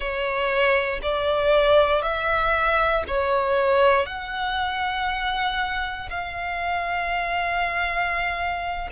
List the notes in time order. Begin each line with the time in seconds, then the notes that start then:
0.00 C#5
1.02 D5
2.02 E5
3.07 C#5
4.05 F#5
6.10 F5